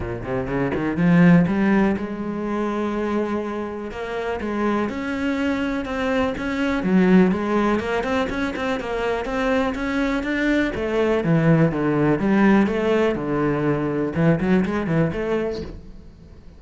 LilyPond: \new Staff \with { instrumentName = "cello" } { \time 4/4 \tempo 4 = 123 ais,8 c8 cis8 dis8 f4 g4 | gis1 | ais4 gis4 cis'2 | c'4 cis'4 fis4 gis4 |
ais8 c'8 cis'8 c'8 ais4 c'4 | cis'4 d'4 a4 e4 | d4 g4 a4 d4~ | d4 e8 fis8 gis8 e8 a4 | }